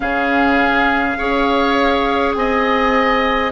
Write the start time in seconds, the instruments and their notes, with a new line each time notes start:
0.00 bassoon C#3, clarinet C#4, oboe G#4, flute F5
1.17 bassoon C#4, clarinet G#4, oboe C#5
2.34 bassoon C4, oboe D#5, flute G#5